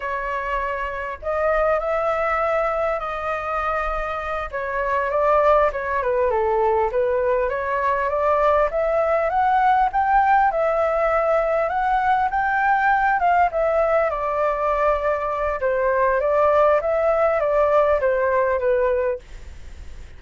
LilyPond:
\new Staff \with { instrumentName = "flute" } { \time 4/4 \tempo 4 = 100 cis''2 dis''4 e''4~ | e''4 dis''2~ dis''8 cis''8~ | cis''8 d''4 cis''8 b'8 a'4 b'8~ | b'8 cis''4 d''4 e''4 fis''8~ |
fis''8 g''4 e''2 fis''8~ | fis''8 g''4. f''8 e''4 d''8~ | d''2 c''4 d''4 | e''4 d''4 c''4 b'4 | }